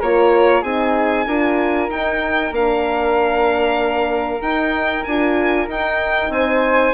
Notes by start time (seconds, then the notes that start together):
0.00 A#3 F4 A#4 C#5
0.61 C4 D#4 G#4 G#5
1.26 D4 F4 A#4
1.89 D#4 G5
2.51 A#3 D4 F5
4.41 D#4 G5
5.04 D4 F4 G#5
5.67 D#4 G5
6.29 C4 C5 G#5